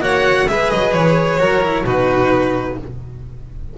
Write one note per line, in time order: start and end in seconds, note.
0.00 0.46 A#3
0.00 0.46 F#4
0.00 0.48 C#5
0.00 0.48 F#5
0.48 0.71 G#3
0.48 1.39 G#4
0.48 1.40 B4
0.48 0.70 E5
0.70 0.94 F#3
0.70 0.93 D#5
0.93 1.40 E3
0.93 1.84 C#5
1.39 1.84 F#3
1.39 1.62 F#4
1.39 1.85 A#4
1.62 1.85 E4
1.84 2.76 B2
1.84 2.78 D#4
1.84 2.77 F#4
1.84 2.78 B4